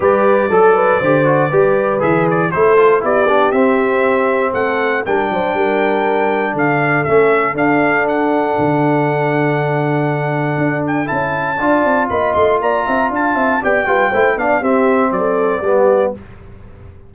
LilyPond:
<<
  \new Staff \with { instrumentName = "trumpet" } { \time 4/4 \tempo 4 = 119 d''1 | e''8 d''8 c''4 d''4 e''4~ | e''4 fis''4 g''2~ | g''4 f''4 e''4 f''4 |
fis''1~ | fis''4. g''8 a''2 | b''8 c'''8 ais''4 a''4 g''4~ | g''8 f''8 e''4 d''2 | }
  \new Staff \with { instrumentName = "horn" } { \time 4/4 b'4 a'8 b'8 c''4 b'4~ | b'4 a'4 g'2~ | g'4 a'4 ais'8 c''8 ais'4~ | ais'4 a'2.~ |
a'1~ | a'2. d''4 | dis''4 d''8 e''8 f''8 e''8 d''8 b'8 | c''8 d''8 g'4 a'4 g'4 | }
  \new Staff \with { instrumentName = "trombone" } { \time 4/4 g'4 a'4 g'8 fis'8 g'4 | gis'4 e'8 f'8 e'8 d'8 c'4~ | c'2 d'2~ | d'2 cis'4 d'4~ |
d'1~ | d'2 e'4 f'4~ | f'2. g'8 f'8 | e'8 d'8 c'2 b4 | }
  \new Staff \with { instrumentName = "tuba" } { \time 4/4 g4 fis4 d4 g4 | e4 a4 b4 c'4~ | c'4 a4 g8 fis8 g4~ | g4 d4 a4 d'4~ |
d'4 d2.~ | d4 d'4 cis'4 d'8 c'8 | ais8 a8 ais8 c'8 d'8 c'8 b8 g8 | a8 b8 c'4 fis4 g4 | }
>>